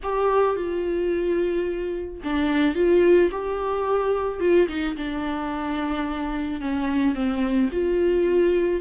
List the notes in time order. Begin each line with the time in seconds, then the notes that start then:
0.02 G4
0.56 F4
2.24 D4
2.75 F4
3.31 G4
4.40 F4
4.68 D#4
4.96 D4
6.60 C#4
7.14 C4
7.72 F4